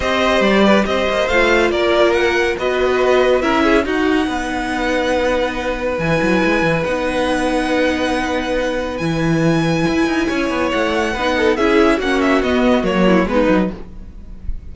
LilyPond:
<<
  \new Staff \with { instrumentName = "violin" } { \time 4/4 \tempo 4 = 140 dis''4 d''4 dis''4 f''4 | d''4 fis''4 dis''2 | e''4 fis''2.~ | fis''2 gis''2 |
fis''1~ | fis''4 gis''2.~ | gis''4 fis''2 e''4 | fis''8 e''8 dis''4 cis''4 b'4 | }
  \new Staff \with { instrumentName = "violin" } { \time 4/4 c''4. b'8 c''2 | ais'2 b'2 | ais'8 gis'8 fis'4 b'2~ | b'1~ |
b'1~ | b'1 | cis''2 b'8 a'8 gis'4 | fis'2~ fis'8 e'8 dis'4 | }
  \new Staff \with { instrumentName = "viola" } { \time 4/4 g'2. f'4~ | f'2 fis'2 | e'4 dis'2.~ | dis'2 e'2 |
dis'1~ | dis'4 e'2.~ | e'2 dis'4 e'4 | cis'4 b4 ais4 b8 dis'8 | }
  \new Staff \with { instrumentName = "cello" } { \time 4/4 c'4 g4 c'8 ais8 a4 | ais2 b2 | cis'4 dis'4 b2~ | b2 e8 fis8 gis8 e8 |
b1~ | b4 e2 e'8 dis'8 | cis'8 b8 a4 b4 cis'4 | ais4 b4 fis4 gis8 fis8 | }
>>